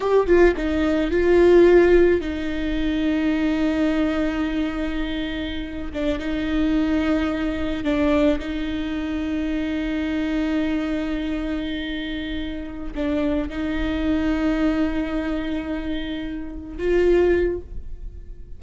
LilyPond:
\new Staff \with { instrumentName = "viola" } { \time 4/4 \tempo 4 = 109 g'8 f'8 dis'4 f'2 | dis'1~ | dis'2~ dis'8. d'8 dis'8.~ | dis'2~ dis'16 d'4 dis'8.~ |
dis'1~ | dis'2.~ dis'8 d'8~ | d'8 dis'2.~ dis'8~ | dis'2~ dis'8 f'4. | }